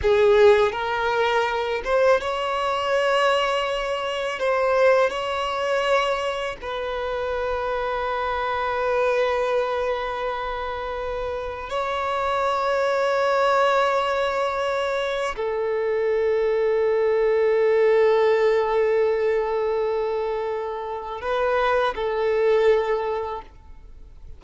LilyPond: \new Staff \with { instrumentName = "violin" } { \time 4/4 \tempo 4 = 82 gis'4 ais'4. c''8 cis''4~ | cis''2 c''4 cis''4~ | cis''4 b'2.~ | b'1 |
cis''1~ | cis''4 a'2.~ | a'1~ | a'4 b'4 a'2 | }